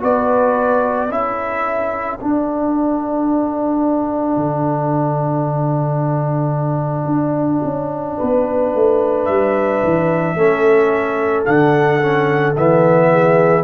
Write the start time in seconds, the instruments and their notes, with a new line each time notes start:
0.00 tuba B3, trombone F#4, horn B4, trumpet D5
1.10 tuba C#4, trombone E4, horn A4, trumpet E5
2.18 trombone D4, tuba D4, trumpet F#5
4.36 tuba D3
7.06 tuba D4
7.64 tuba C#4
8.18 tuba B3, horn B4
8.75 tuba A3
9.25 tuba G3, trumpet E5
9.84 tuba E3
10.35 tuba A3, trombone C#4, horn A4
11.45 tuba D3, trombone D4, trumpet F#5
12.01 trombone C#4
12.57 tuba E3, trombone B3, trumpet E5
13.12 horn G#4